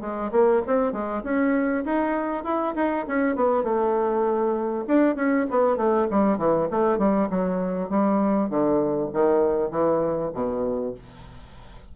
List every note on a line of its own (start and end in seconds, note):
0.00 0.30 G#3
0.31 0.61 A#3
0.66 0.92 C4
0.92 1.22 G#3
1.23 1.84 C#4
1.84 2.44 D#4
2.44 2.74 E4
2.75 3.05 D#4
3.07 3.35 C#4
3.35 3.63 B3
3.63 4.84 A3
4.87 5.15 D4
5.15 5.45 C#4
5.50 5.77 B3
5.77 6.07 A3
6.10 6.37 G3
6.37 6.68 E3
6.71 6.98 A3
6.98 7.28 G3
7.30 7.89 F#3
7.89 8.49 G3
8.49 9.10 D3
9.13 9.71 D#3
9.71 10.31 E3
10.33 10.94 B2